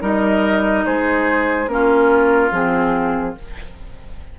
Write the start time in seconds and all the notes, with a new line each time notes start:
0.00 G3 D#4 A#4 D#5
0.86 G#3 G#4 C5
1.67 A#3 C#4 F4 A#4
2.51 F3 C4 G#4